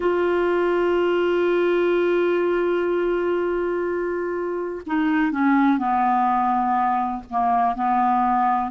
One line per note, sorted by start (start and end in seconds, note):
0.00 4.81 F4
4.86 5.31 D#4
5.31 5.78 C#4
5.78 7.23 B3
7.29 7.75 A#3
7.75 8.71 B3